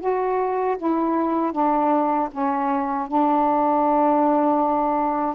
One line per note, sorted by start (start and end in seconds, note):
0.00 0.77 F#4
0.78 1.52 E4
1.52 2.29 D4
2.31 3.07 C#4
3.07 5.35 D4